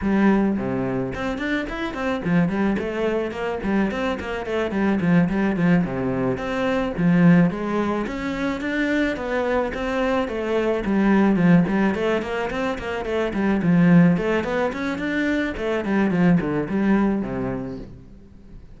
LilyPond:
\new Staff \with { instrumentName = "cello" } { \time 4/4 \tempo 4 = 108 g4 c4 c'8 d'8 e'8 c'8 | f8 g8 a4 ais8 g8 c'8 ais8 | a8 g8 f8 g8 f8 c4 c'8~ | c'8 f4 gis4 cis'4 d'8~ |
d'8 b4 c'4 a4 g8~ | g8 f8 g8 a8 ais8 c'8 ais8 a8 | g8 f4 a8 b8 cis'8 d'4 | a8 g8 f8 d8 g4 c4 | }